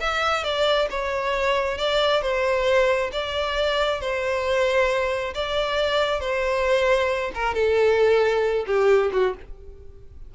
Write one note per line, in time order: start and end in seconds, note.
0.00 0.44 E5
0.44 0.88 D5
0.90 1.78 C#5
1.78 2.22 D5
2.22 3.11 C5
3.12 4.00 D5
4.00 5.34 C5
5.34 6.20 D5
6.20 7.31 C5
7.35 7.54 A#4
7.54 8.65 A4
8.66 9.11 G4
9.12 9.35 F#4